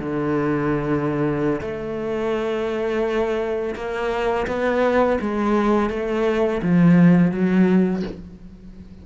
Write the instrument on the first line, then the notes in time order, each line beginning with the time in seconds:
cello
0.00 D3
1.61 A3
3.75 A#3
4.47 B3
5.21 G#3
5.90 A3
6.62 F3
7.31 F#3